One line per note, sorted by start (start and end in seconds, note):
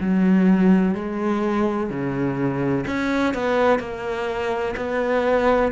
0.00 0.95 F#3
0.95 1.90 G#3
1.90 2.85 C#3
2.87 3.34 C#4
3.34 3.79 B3
3.79 4.74 A#3
4.76 5.71 B3